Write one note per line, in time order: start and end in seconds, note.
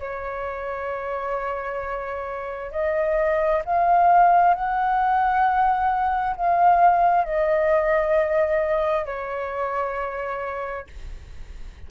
0.00 2.72 C#5
2.72 3.63 D#5
3.65 4.55 F5
4.55 6.36 F#5
6.37 7.25 F5
7.25 9.06 D#5
9.06 10.88 C#5